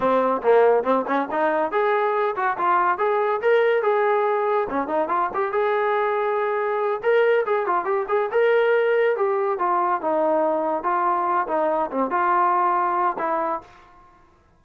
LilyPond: \new Staff \with { instrumentName = "trombone" } { \time 4/4 \tempo 4 = 141 c'4 ais4 c'8 cis'8 dis'4 | gis'4. fis'8 f'4 gis'4 | ais'4 gis'2 cis'8 dis'8 | f'8 g'8 gis'2.~ |
gis'8 ais'4 gis'8 f'8 g'8 gis'8 ais'8~ | ais'4. g'4 f'4 dis'8~ | dis'4. f'4. dis'4 | c'8 f'2~ f'8 e'4 | }